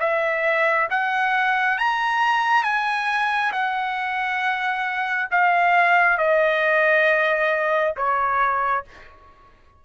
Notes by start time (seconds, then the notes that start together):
0.00 E5
0.91 F#5
1.78 A#5
2.64 G#5
3.52 F#5
5.31 F5
6.18 D#5
7.97 C#5